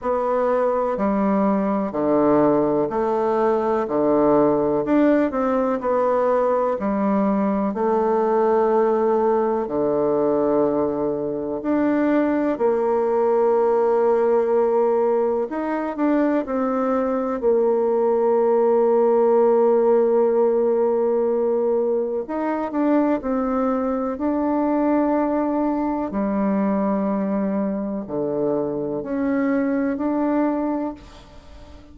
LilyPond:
\new Staff \with { instrumentName = "bassoon" } { \time 4/4 \tempo 4 = 62 b4 g4 d4 a4 | d4 d'8 c'8 b4 g4 | a2 d2 | d'4 ais2. |
dis'8 d'8 c'4 ais2~ | ais2. dis'8 d'8 | c'4 d'2 g4~ | g4 d4 cis'4 d'4 | }